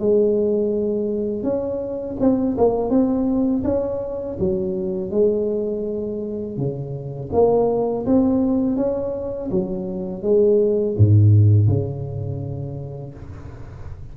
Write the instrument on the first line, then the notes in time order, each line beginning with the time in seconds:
tuba
0.00 G#3
1.43 C#4
2.21 C4
2.58 A#3
2.90 C4
3.65 C#4
4.39 F#3
5.11 G#3
6.57 C#3
7.33 A#3
8.06 C4
8.77 C#4
9.51 F#3
10.23 G#3
10.98 G#2
11.68 C#3